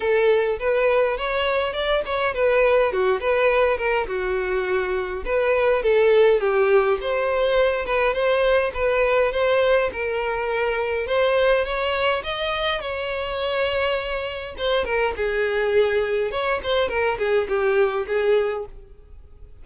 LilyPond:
\new Staff \with { instrumentName = "violin" } { \time 4/4 \tempo 4 = 103 a'4 b'4 cis''4 d''8 cis''8 | b'4 fis'8 b'4 ais'8 fis'4~ | fis'4 b'4 a'4 g'4 | c''4. b'8 c''4 b'4 |
c''4 ais'2 c''4 | cis''4 dis''4 cis''2~ | cis''4 c''8 ais'8 gis'2 | cis''8 c''8 ais'8 gis'8 g'4 gis'4 | }